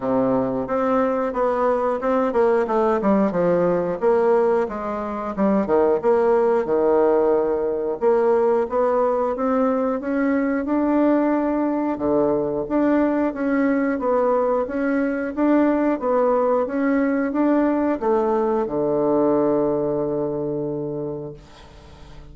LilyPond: \new Staff \with { instrumentName = "bassoon" } { \time 4/4 \tempo 4 = 90 c4 c'4 b4 c'8 ais8 | a8 g8 f4 ais4 gis4 | g8 dis8 ais4 dis2 | ais4 b4 c'4 cis'4 |
d'2 d4 d'4 | cis'4 b4 cis'4 d'4 | b4 cis'4 d'4 a4 | d1 | }